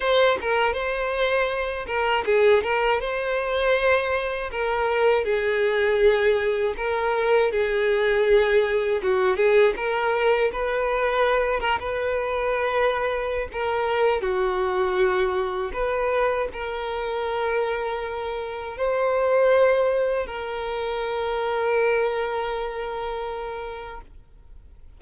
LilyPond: \new Staff \with { instrumentName = "violin" } { \time 4/4 \tempo 4 = 80 c''8 ais'8 c''4. ais'8 gis'8 ais'8 | c''2 ais'4 gis'4~ | gis'4 ais'4 gis'2 | fis'8 gis'8 ais'4 b'4. ais'16 b'16~ |
b'2 ais'4 fis'4~ | fis'4 b'4 ais'2~ | ais'4 c''2 ais'4~ | ais'1 | }